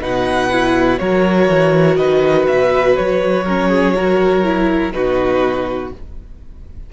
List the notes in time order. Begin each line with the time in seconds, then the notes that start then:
0.00 B2 D#4 B4 F#5
0.51 E4
0.98 F#3 F#4 A#4 C#5
1.48 E3
1.96 D#3 B4 D#5
2.47 B2 E5
2.96 F#3 C#5
3.44 C#4 A#4
3.68 G#4
3.95 F#4 A#4
4.44 E4
4.92 B2 D#4 F#4 B4